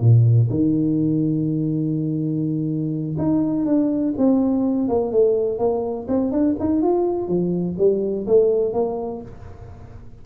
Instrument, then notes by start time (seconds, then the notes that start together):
tuba
0.00 A#2
0.49 D#3
3.18 D#4
3.65 D4
4.17 C4
4.88 A#3
5.11 A3
5.58 A#3
6.08 C4
6.31 D4
6.59 D#4
6.82 F4
7.28 F3
7.78 G3
8.26 A3
8.73 A#3